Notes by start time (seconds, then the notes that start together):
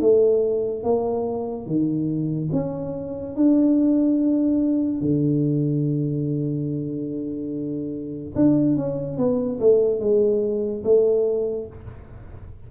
0.00 A3
0.83 A#3
1.66 D#3
2.52 C#4
3.35 D4
5.01 D3
8.35 D4
8.76 C#4
9.17 B3
9.59 A3
9.99 G#3
10.83 A3